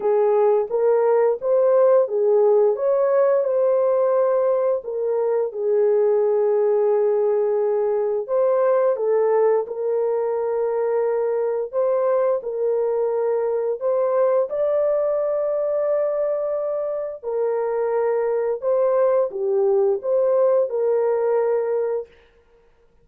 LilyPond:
\new Staff \with { instrumentName = "horn" } { \time 4/4 \tempo 4 = 87 gis'4 ais'4 c''4 gis'4 | cis''4 c''2 ais'4 | gis'1 | c''4 a'4 ais'2~ |
ais'4 c''4 ais'2 | c''4 d''2.~ | d''4 ais'2 c''4 | g'4 c''4 ais'2 | }